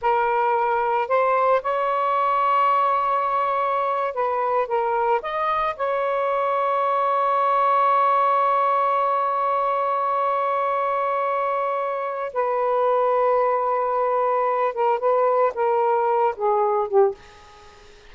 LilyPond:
\new Staff \with { instrumentName = "saxophone" } { \time 4/4 \tempo 4 = 112 ais'2 c''4 cis''4~ | cis''2.~ cis''8. b'16~ | b'8. ais'4 dis''4 cis''4~ cis''16~ | cis''1~ |
cis''1~ | cis''2. b'4~ | b'2.~ b'8 ais'8 | b'4 ais'4. gis'4 g'8 | }